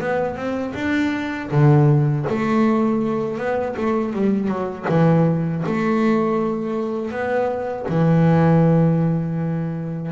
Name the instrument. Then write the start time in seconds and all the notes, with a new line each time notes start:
double bass
0.00 B3
0.36 C4
0.74 D4
1.51 D3
2.29 A3
3.38 B3
3.77 A3
4.13 G3
4.48 F#3
4.89 E3
5.66 A3
7.11 B3
7.89 E3